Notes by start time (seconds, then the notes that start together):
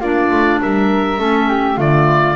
0.00 A#3 D4 F4 D5
0.31 A3
0.62 G3 A#4 E5
1.17 A3 C#4 A4
1.48 G4
1.75 D3 A3 F4 D5